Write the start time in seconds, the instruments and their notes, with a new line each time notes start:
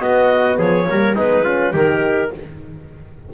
0.00 double bass B3, horn B3, trumpet F#4, clarinet D#5
0.58 double bass F3, trumpet G#4, clarinet C#5
0.87 double bass G3, horn A#3, trumpet A#4
1.16 double bass G#3, horn B3, trumpet D#4, clarinet B4
1.44 horn C#4, trumpet F4
1.73 double bass D#3, horn D#4, trumpet G4, clarinet A#4